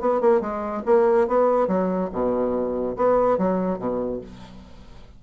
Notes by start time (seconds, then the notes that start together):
0.00 B3
0.20 A#3
0.41 G#3
0.85 A#3
1.27 B3
1.67 F#3
2.12 B2
2.96 B3
3.38 F#3
3.78 B2